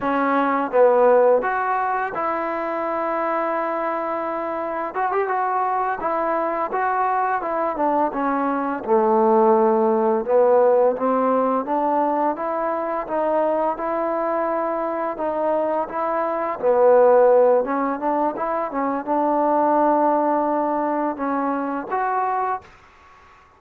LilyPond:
\new Staff \with { instrumentName = "trombone" } { \time 4/4 \tempo 4 = 85 cis'4 b4 fis'4 e'4~ | e'2. fis'16 g'16 fis'8~ | fis'8 e'4 fis'4 e'8 d'8 cis'8~ | cis'8 a2 b4 c'8~ |
c'8 d'4 e'4 dis'4 e'8~ | e'4. dis'4 e'4 b8~ | b4 cis'8 d'8 e'8 cis'8 d'4~ | d'2 cis'4 fis'4 | }